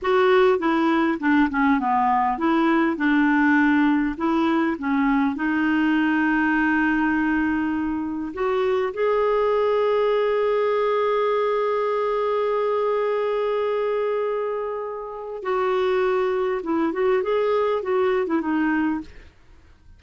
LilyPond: \new Staff \with { instrumentName = "clarinet" } { \time 4/4 \tempo 4 = 101 fis'4 e'4 d'8 cis'8 b4 | e'4 d'2 e'4 | cis'4 dis'2.~ | dis'2 fis'4 gis'4~ |
gis'1~ | gis'1~ | gis'2 fis'2 | e'8 fis'8 gis'4 fis'8. e'16 dis'4 | }